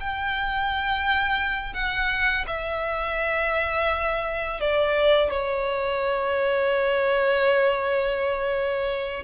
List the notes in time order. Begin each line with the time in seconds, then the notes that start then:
0.00 G5
1.74 F#5
2.47 E5
4.60 D5
5.31 C#5